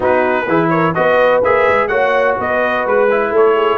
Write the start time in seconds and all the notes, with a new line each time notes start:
0.00 B3 D#4 F#4 B4
0.47 E3 E4 G#4
0.69 A#4 C#5
0.94 B3 F#4 B4 D#5
1.43 A#3 G#4 E5
1.69 G#3
1.87 A#3 F#4 C#5 F#5
2.37 B3 B4 D#5
2.85 G#3 B4
3.10 E4
3.30 A3 A4 C#5
3.54 G#4